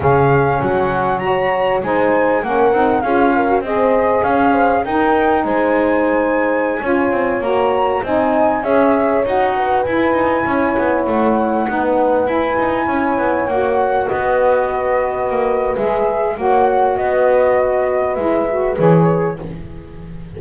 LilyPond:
<<
  \new Staff \with { instrumentName = "flute" } { \time 4/4 \tempo 4 = 99 f''4 fis''4 ais''4 gis''4 | fis''4 f''4 dis''4 f''4 | g''4 gis''2.~ | gis''16 ais''4 gis''4 e''4 fis''8.~ |
fis''16 gis''2 fis''4.~ fis''16~ | fis''16 gis''2 fis''4 dis''8.~ | dis''2 e''4 fis''4 | dis''2 e''4 cis''4 | }
  \new Staff \with { instrumentName = "horn" } { \time 4/4 gis'4 fis'4 cis''4 c''4 | ais'4 gis'8 ais'8 c''4 cis''8 c''8 | ais'4 c''2~ c''16 cis''8.~ | cis''4~ cis''16 dis''4 cis''4. b'16~ |
b'4~ b'16 cis''2 b'8.~ | b'4~ b'16 cis''2 b'8.~ | b'2. cis''4 | b'1 | }
  \new Staff \with { instrumentName = "saxophone" } { \time 4/4 cis'2 fis'4 dis'4 | cis'8 dis'8 f'8. fis'16 gis'2 | dis'2.~ dis'16 f'8.~ | f'16 fis'4 dis'4 gis'4 fis'8.~ |
fis'16 e'2. dis'8.~ | dis'16 e'2 fis'4.~ fis'16~ | fis'2 gis'4 fis'4~ | fis'2 e'8 fis'8 gis'4 | }
  \new Staff \with { instrumentName = "double bass" } { \time 4/4 cis4 fis2 gis4 | ais8 c'8 cis'4 c'4 cis'4 | dis'4 gis2~ gis16 cis'8 c'16~ | c'16 ais4 c'4 cis'4 dis'8.~ |
dis'16 e'8 dis'8 cis'8 b8 a4 b8.~ | b16 e'8 dis'8 cis'8 b8 ais4 b8.~ | b4~ b16 ais8. gis4 ais4 | b2 gis4 e4 | }
>>